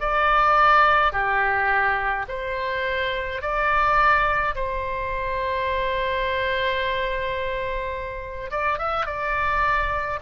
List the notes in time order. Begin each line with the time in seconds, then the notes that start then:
0.00 D5
1.12 G4
2.28 C5
3.42 D5
4.55 C5
8.51 D5
8.78 E5
9.06 D5